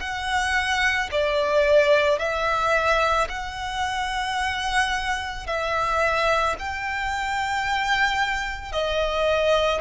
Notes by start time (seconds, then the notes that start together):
0.00 F#5
1.11 D5
2.19 E5
3.29 F#5
5.46 E5
6.59 G5
8.72 D#5